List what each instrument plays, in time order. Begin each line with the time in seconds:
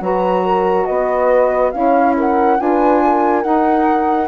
0.00 bassoon F#3, saxophone F#4, horn B4, flute A#5
0.44 horn A#4
0.85 bassoon B3, horn B4, flute D#5
1.71 bassoon C#4, saxophone E4, horn C#5, flute F5
2.17 horn A#4, flute F#5
2.57 bassoon D4, saxophone F4, horn B4, flute G#5
3.04 horn A#4
3.42 saxophone D#4, bassoon D#4, flute F#5